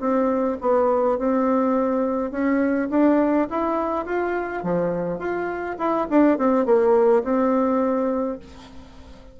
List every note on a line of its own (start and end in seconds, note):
0.00 0.58 C4
0.61 1.18 B3
1.18 2.31 C4
2.31 2.89 C#4
2.90 3.48 D4
3.50 4.05 E4
4.05 4.63 F4
4.63 5.18 F3
5.18 5.76 F4
5.78 6.07 E4
6.10 6.38 D4
6.38 6.65 C4
6.65 7.23 A#3
7.23 8.39 C4